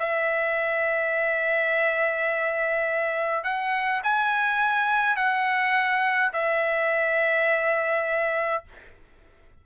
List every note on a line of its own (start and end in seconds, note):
0.00 3.44 E5
3.44 4.02 F#5
4.04 5.17 G#5
5.17 6.32 F#5
6.34 8.64 E5